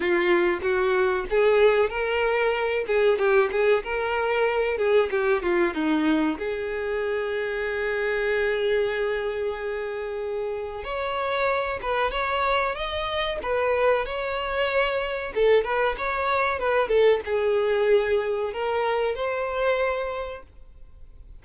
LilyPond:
\new Staff \with { instrumentName = "violin" } { \time 4/4 \tempo 4 = 94 f'4 fis'4 gis'4 ais'4~ | ais'8 gis'8 g'8 gis'8 ais'4. gis'8 | g'8 f'8 dis'4 gis'2~ | gis'1~ |
gis'4 cis''4. b'8 cis''4 | dis''4 b'4 cis''2 | a'8 b'8 cis''4 b'8 a'8 gis'4~ | gis'4 ais'4 c''2 | }